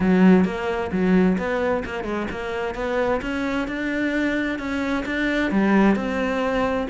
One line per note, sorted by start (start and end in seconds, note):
0.00 0.45 F#3
0.45 0.90 A#3
0.91 1.37 F#3
1.37 1.83 B3
1.85 2.04 A#3
2.04 2.27 G#3
2.30 2.75 A#3
2.75 3.20 B3
3.21 3.67 C#4
3.67 4.58 D4
4.58 5.04 C#4
5.05 5.51 D4
5.51 5.95 G3
5.95 6.87 C4